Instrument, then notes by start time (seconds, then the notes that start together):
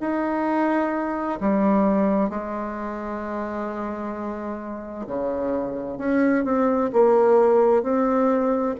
bassoon
0.00 D#4
1.40 G3
2.29 G#3
5.06 C#3
5.97 C#4
6.44 C4
6.92 A#3
7.83 C4